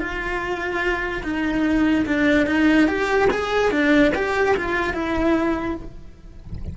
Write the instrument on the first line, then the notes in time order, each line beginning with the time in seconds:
cello
0.00 F4
1.24 D#4
2.06 D4
2.47 D#4
2.88 G4
3.31 G#4
3.72 D4
4.15 G4
4.57 F4
4.94 E4